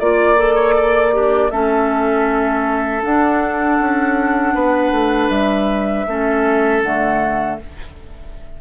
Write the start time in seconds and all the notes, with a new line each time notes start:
0.00 A#3 F4 D5
0.37 A4
0.55 C#5
0.77 D5
1.13 D4 G4
1.51 A3 C#4 A4 E5
3.03 D4 F#5
3.81 C#4
4.54 B3 B4
4.92 A3
5.30 G3 E5
6.07 A3 C#4 A4
6.83 D3 A3 F#5